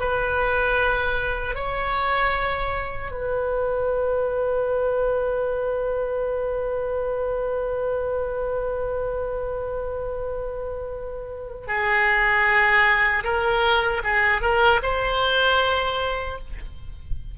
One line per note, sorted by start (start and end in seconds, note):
0.00 1.55 B4
1.55 3.11 C#5
3.11 11.68 B4
11.68 13.24 G#4
13.24 14.02 A#4
14.04 14.42 G#4
14.42 14.81 A#4
14.83 16.38 C5